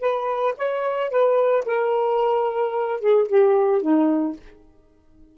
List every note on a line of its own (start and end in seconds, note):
0.00 0.54 B4
0.57 1.10 C#5
1.10 1.64 B4
1.65 3.00 A#4
3.00 3.27 G#4
3.28 3.81 G4
3.81 4.35 D#4